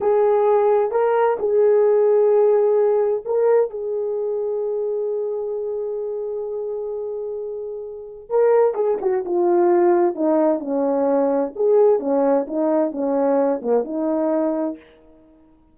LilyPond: \new Staff \with { instrumentName = "horn" } { \time 4/4 \tempo 4 = 130 gis'2 ais'4 gis'4~ | gis'2. ais'4 | gis'1~ | gis'1~ |
gis'2 ais'4 gis'8 fis'8 | f'2 dis'4 cis'4~ | cis'4 gis'4 cis'4 dis'4 | cis'4. ais8 dis'2 | }